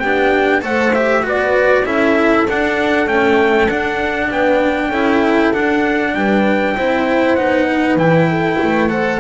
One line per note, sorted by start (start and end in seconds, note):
0.00 0.63 B3
0.00 0.62 D4
0.00 0.63 G4
0.00 0.61 G5
0.62 1.24 A3
0.62 0.93 A4
0.62 1.24 C5
0.62 0.95 F#5
0.95 1.23 G4
0.95 1.25 E5
1.23 1.85 B3
1.23 1.84 F#4
1.23 1.85 B4
1.23 1.86 D5
1.85 2.46 C#4
1.85 2.47 E4
1.85 4.30 A4
1.85 2.48 E5
2.49 3.07 D4
2.49 3.08 F#5
3.07 3.68 A3
3.07 3.68 C#4
3.07 3.70 G5
3.69 4.30 D4
3.69 4.93 D4
3.69 4.31 F#5
4.31 4.90 B3
4.31 4.89 B4
4.31 5.54 G5
4.89 5.51 C#4
4.89 5.54 E4
4.89 6.12 A4
5.54 6.77 D4
5.54 6.15 D4
5.54 6.15 F#5
6.15 6.76 G3
6.15 6.77 B4
6.15 7.36 G5
6.77 7.37 C4
6.77 7.38 E4
6.77 7.68 C5
7.36 7.97 B3
7.36 7.99 D#4
7.36 7.97 F#5
7.68 8.29 B4
7.97 8.58 E3
7.97 8.90 E4
7.97 8.90 G5
8.30 8.60 A4
8.61 9.21 A3
8.61 8.91 B4
8.90 9.21 A4
8.90 9.21 C5
8.90 9.20 F#5